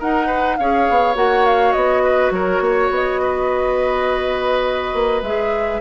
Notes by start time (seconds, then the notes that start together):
0.00 D#4 A#4 F#5
0.27 B4
0.57 C#4 G#4 C#5 F5
0.90 B3
1.15 A#3 F#4 F#5
1.46 F5
1.73 B3 D#5
2.04 B4
2.31 F#3 A#4 C#5
2.61 A#3 C#5
2.91 B3 D#5
3.22 B4
4.94 A#3
5.22 G#3 G#4 E5